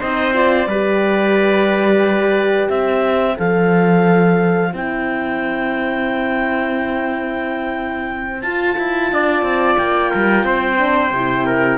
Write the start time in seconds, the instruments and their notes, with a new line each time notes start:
0.00 cello C4, horn D#4, trumpet C5, clarinet D#5
0.34 horn F4, clarinet D5
0.67 cello G3, horn G4, trumpet B4
2.69 cello C4, trumpet C5, clarinet E5
3.37 cello F3, horn A4, clarinet F5
4.73 cello C4, horn E4, clarinet G5
8.41 horn F4, cello F4, clarinet A5
8.79 cello E4
9.12 cello D4, trumpet D5
9.42 cello C4
9.77 cello A#3, clarinet G5
10.11 cello G3, trumpet A#4
10.44 cello C4, trumpet C5
10.77 horn D4
11.11 cello C3, horn E4
11.46 trumpet A#4